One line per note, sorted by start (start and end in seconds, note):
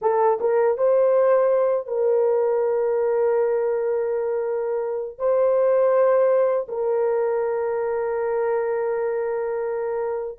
0.01 0.38 A4
0.40 0.77 A#4
0.77 1.87 C5
1.87 5.18 A#4
5.18 6.66 C5
6.68 10.38 A#4